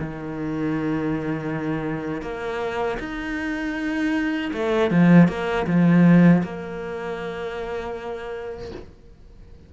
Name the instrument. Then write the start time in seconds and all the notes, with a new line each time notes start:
cello
0.00 D#3
2.22 A#3
3.00 D#4
4.54 A3
4.91 F3
5.29 A#3
5.67 F3
6.43 A#3